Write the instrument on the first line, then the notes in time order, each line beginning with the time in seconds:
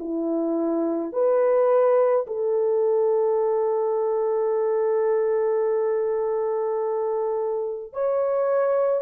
horn
0.00 E4
1.13 B4
2.27 A4
7.93 C#5